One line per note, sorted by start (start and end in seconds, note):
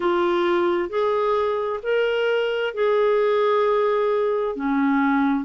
0.00 0.88 F4
0.88 1.79 G#4
1.83 2.74 A#4
2.74 4.55 G#4
4.55 5.44 C#4